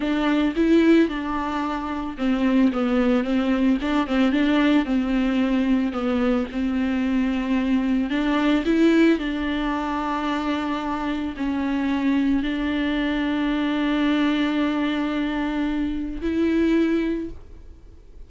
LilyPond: \new Staff \with { instrumentName = "viola" } { \time 4/4 \tempo 4 = 111 d'4 e'4 d'2 | c'4 b4 c'4 d'8 c'8 | d'4 c'2 b4 | c'2. d'4 |
e'4 d'2.~ | d'4 cis'2 d'4~ | d'1~ | d'2 e'2 | }